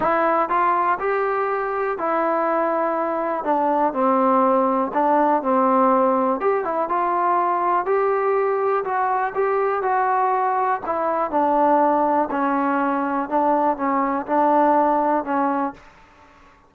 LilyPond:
\new Staff \with { instrumentName = "trombone" } { \time 4/4 \tempo 4 = 122 e'4 f'4 g'2 | e'2. d'4 | c'2 d'4 c'4~ | c'4 g'8 e'8 f'2 |
g'2 fis'4 g'4 | fis'2 e'4 d'4~ | d'4 cis'2 d'4 | cis'4 d'2 cis'4 | }